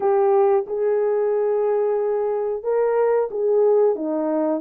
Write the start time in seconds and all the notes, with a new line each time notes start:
0.00 G4
0.66 G#4
2.63 A#4
3.30 G#4
3.95 D#4